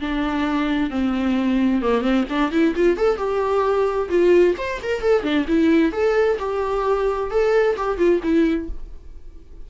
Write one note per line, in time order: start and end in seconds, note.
0.00 0.90 D4
0.90 1.81 C4
1.81 2.01 A#3
2.01 2.24 C4
2.29 2.51 D4
2.51 2.74 E4
2.75 2.97 F4
2.97 3.17 A4
3.17 4.09 G4
4.09 4.55 F4
4.58 4.80 C5
4.83 5.01 A#4
5.01 5.23 A4
5.23 5.46 D4
5.48 5.92 E4
5.92 6.37 A4
6.39 7.30 G4
7.30 7.76 A4
7.76 7.98 G4
7.98 8.20 F4
8.23 8.69 E4